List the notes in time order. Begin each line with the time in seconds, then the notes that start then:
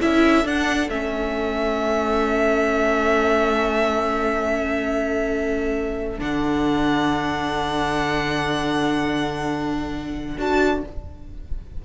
0.00 C#4 E4 A4 E5
0.44 D4 F#5
0.89 A3 C#4 E5
6.19 D3 D4 F#5
10.37 D4 F#4 A5